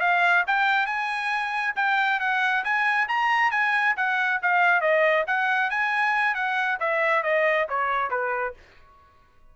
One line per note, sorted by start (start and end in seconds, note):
0.00 0.44 F5
0.47 0.86 G5
0.86 1.74 G#5
1.76 2.19 G5
2.20 2.63 F#5
2.64 3.08 G#5
3.08 3.51 A#5
3.51 3.95 G#5
3.96 4.40 F#5
4.42 4.81 F5
4.81 5.25 D#5
5.27 5.70 F#5
5.70 6.34 G#5
6.34 6.78 F#5
6.80 7.23 E5
7.23 7.67 D#5
7.69 8.10 C#5
8.10 8.54 B4